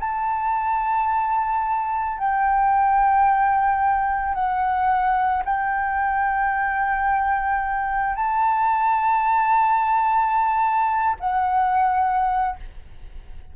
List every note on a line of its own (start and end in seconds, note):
0.00 2.18 A5
2.18 4.34 G5
4.34 5.43 F#5
5.45 8.16 G5
8.16 11.16 A5
11.20 12.57 F#5